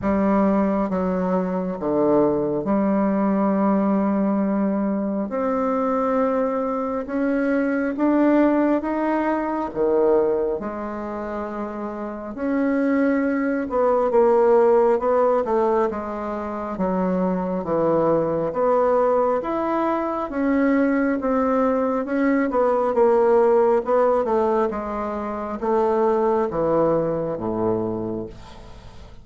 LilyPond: \new Staff \with { instrumentName = "bassoon" } { \time 4/4 \tempo 4 = 68 g4 fis4 d4 g4~ | g2 c'2 | cis'4 d'4 dis'4 dis4 | gis2 cis'4. b8 |
ais4 b8 a8 gis4 fis4 | e4 b4 e'4 cis'4 | c'4 cis'8 b8 ais4 b8 a8 | gis4 a4 e4 a,4 | }